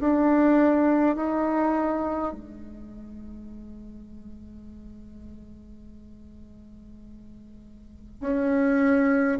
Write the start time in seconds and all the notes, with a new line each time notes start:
0.00 D4
1.16 D#4
2.33 G#3
8.21 C#4